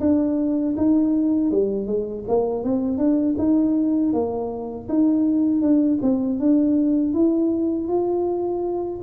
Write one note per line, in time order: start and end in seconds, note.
0.00 0.75 D4
0.77 1.51 D#4
1.51 1.86 G3
1.86 2.24 G#3
2.27 2.64 A#3
2.64 2.98 C4
2.98 3.35 D4
3.38 4.12 D#4
4.12 4.88 A#3
4.88 5.61 D#4
5.61 5.98 D4
6.01 6.39 C4
6.39 7.14 D4
7.14 7.88 E4
7.88 9.00 F4